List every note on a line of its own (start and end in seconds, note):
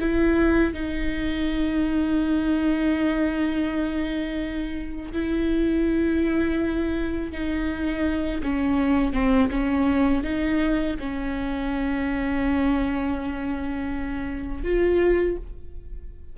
0.00 0.73 E4
0.73 5.12 D#4
5.13 7.31 E4
7.31 8.41 D#4
8.42 9.13 C#4
9.13 9.49 C4
9.50 10.23 C#4
10.23 10.96 D#4
10.99 14.63 C#4
14.63 15.36 F4